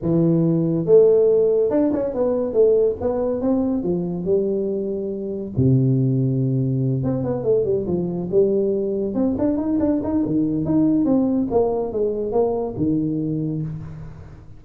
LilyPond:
\new Staff \with { instrumentName = "tuba" } { \time 4/4 \tempo 4 = 141 e2 a2 | d'8 cis'8 b4 a4 b4 | c'4 f4 g2~ | g4 c2.~ |
c8 c'8 b8 a8 g8 f4 g8~ | g4. c'8 d'8 dis'8 d'8 dis'8 | dis4 dis'4 c'4 ais4 | gis4 ais4 dis2 | }